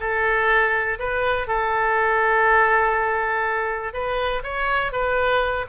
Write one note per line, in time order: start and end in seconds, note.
0.00 0.98 A4
0.99 1.47 B4
1.47 3.93 A4
3.93 4.42 B4
4.43 4.92 C#5
4.92 5.66 B4